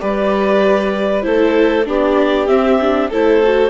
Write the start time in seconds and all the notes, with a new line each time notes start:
0.00 G3 G4 B4 D5
1.22 A3 E4 A4 C5
1.86 B3 D4 G4 D5
2.47 C4 E5
2.81 D4
3.10 A3 E4 A4 C5
3.43 F#4